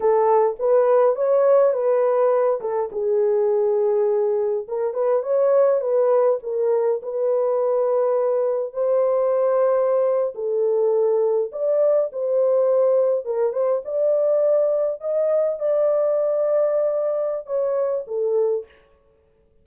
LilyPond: \new Staff \with { instrumentName = "horn" } { \time 4/4 \tempo 4 = 103 a'4 b'4 cis''4 b'4~ | b'8 a'8 gis'2. | ais'8 b'8 cis''4 b'4 ais'4 | b'2. c''4~ |
c''4.~ c''16 a'2 d''16~ | d''8. c''2 ais'8 c''8 d''16~ | d''4.~ d''16 dis''4 d''4~ d''16~ | d''2 cis''4 a'4 | }